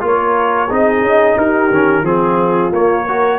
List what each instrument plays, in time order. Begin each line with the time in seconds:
0.00 tuba A#3, trombone F4, horn A#4, trumpet C#5
0.69 tuba C4, trombone D#4, horn G#4, trumpet D#5
1.01 tuba C#4
1.36 tuba D#4, horn G4, trumpet A#4
1.71 tuba D#3, trombone C#4
2.02 tuba F3, trombone C4, horn F4, trumpet G#4
2.72 tuba A#3, trombone A#3, trumpet C#5
3.05 trombone F#4, horn A#4